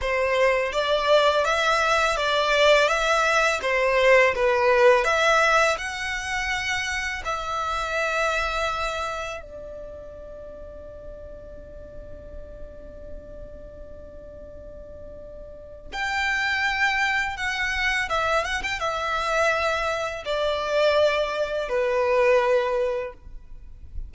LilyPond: \new Staff \with { instrumentName = "violin" } { \time 4/4 \tempo 4 = 83 c''4 d''4 e''4 d''4 | e''4 c''4 b'4 e''4 | fis''2 e''2~ | e''4 d''2.~ |
d''1~ | d''2 g''2 | fis''4 e''8 fis''16 g''16 e''2 | d''2 b'2 | }